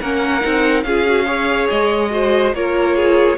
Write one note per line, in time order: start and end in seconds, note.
0.00 0.44 A#3
0.00 0.41 C#4
0.00 0.85 A#4
0.00 0.83 F#5
0.41 0.84 C4
0.41 0.83 D#4
0.83 1.69 C#4
0.83 1.06 F4
0.83 1.26 G#4
0.83 1.68 F5
1.06 1.26 F#4
1.26 2.11 G#4
1.26 2.10 C#5
1.70 2.54 G#3
1.70 2.54 D#5
2.11 2.53 F#4
2.11 2.56 C5
2.54 3.38 A#3
2.54 3.38 F4
2.54 2.97 A#4
2.54 3.38 C#5
2.97 3.38 G#4